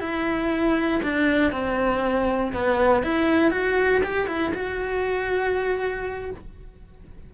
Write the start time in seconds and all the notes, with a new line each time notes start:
0.00 E4
1.03 D4
1.52 C4
2.53 B3
3.03 E4
3.51 F#4
4.03 G4
4.27 E4
4.54 F#4